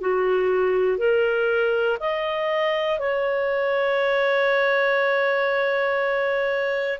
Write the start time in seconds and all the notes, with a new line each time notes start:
0.00 F#4
0.97 A#4
1.99 D#5
2.99 C#5